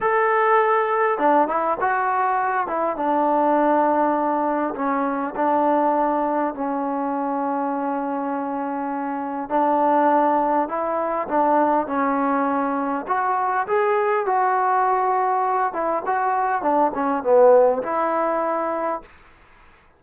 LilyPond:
\new Staff \with { instrumentName = "trombone" } { \time 4/4 \tempo 4 = 101 a'2 d'8 e'8 fis'4~ | fis'8 e'8 d'2. | cis'4 d'2 cis'4~ | cis'1 |
d'2 e'4 d'4 | cis'2 fis'4 gis'4 | fis'2~ fis'8 e'8 fis'4 | d'8 cis'8 b4 e'2 | }